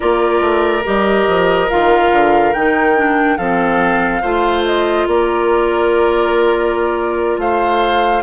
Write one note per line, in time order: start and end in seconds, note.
0.00 0.40 A#3
0.00 0.83 F4
0.00 3.37 A#4
0.00 0.84 D5
0.40 0.83 A3
0.84 1.27 G3
0.84 1.68 G4
0.84 1.69 D#5
1.27 1.69 F3
1.69 2.11 D#3
1.69 2.54 F4
1.69 2.53 F5
2.11 2.54 D3
2.53 3.38 D#3
2.53 2.96 D#4
2.53 3.37 G5
2.96 3.38 D4
3.37 4.22 F3
3.37 4.22 C4
3.37 4.21 A4
3.37 4.64 F5
4.21 5.06 A3
4.21 8.22 F4
4.21 5.06 C5
4.65 5.07 D#5
5.06 7.37 A#3
5.06 7.40 A#4
5.06 7.39 D5
7.37 8.22 A3
7.37 8.22 C5
7.37 8.22 F5